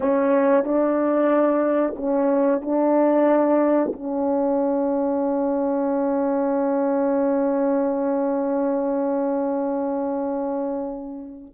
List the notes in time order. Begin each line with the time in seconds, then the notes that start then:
0.00 C#4
0.64 D4
1.96 C#4
2.61 D4
3.92 C#4